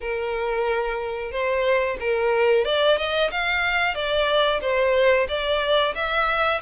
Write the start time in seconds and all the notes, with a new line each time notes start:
0.01 A#4
1.31 C5
2.00 A#4
2.65 D5
2.97 D#5
3.31 F5
3.94 D5
4.61 C5
5.28 D5
5.94 E5